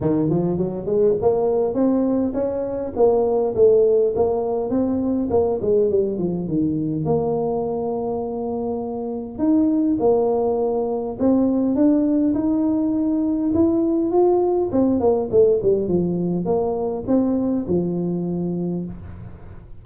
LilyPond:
\new Staff \with { instrumentName = "tuba" } { \time 4/4 \tempo 4 = 102 dis8 f8 fis8 gis8 ais4 c'4 | cis'4 ais4 a4 ais4 | c'4 ais8 gis8 g8 f8 dis4 | ais1 |
dis'4 ais2 c'4 | d'4 dis'2 e'4 | f'4 c'8 ais8 a8 g8 f4 | ais4 c'4 f2 | }